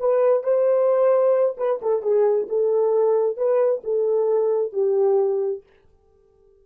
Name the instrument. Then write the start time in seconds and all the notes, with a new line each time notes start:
horn
0.00 B4
0.44 C5
1.58 B4
1.82 A4
2.02 G#4
2.49 A4
3.37 B4
3.84 A4
4.73 G4